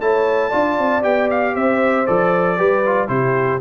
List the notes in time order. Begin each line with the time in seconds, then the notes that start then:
0.00 A3 E4 C#5 A5
0.50 D4 F4 D5
0.78 C4
1.02 B3 G4 G5
1.30 F5
1.53 C4 C5 E5
2.06 F3 A4 D5
2.57 G3 G4 B4
2.85 F4
3.08 C3 E4 G4 C5